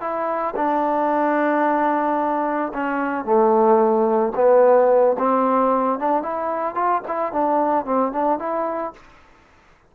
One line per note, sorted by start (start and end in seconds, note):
0.00 0.54 E4
0.56 2.72 D4
2.73 3.25 C#4
3.25 4.33 A3
4.35 5.16 B3
5.18 5.99 C4
5.99 6.22 D4
6.22 6.74 E4
6.74 7.01 F4
7.07 7.32 E4
7.32 7.85 D4
7.85 8.12 C4
8.12 8.39 D4
8.39 8.93 E4